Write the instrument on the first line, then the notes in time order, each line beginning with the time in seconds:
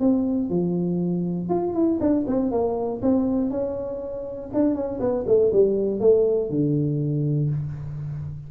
tuba
0.00 C4
0.50 F3
1.49 F4
1.74 E4
2.00 D4
2.27 C4
2.51 A#3
3.02 C4
3.50 C#4
4.54 D4
4.75 C#4
5.00 B3
5.27 A3
5.53 G3
6.00 A3
6.50 D3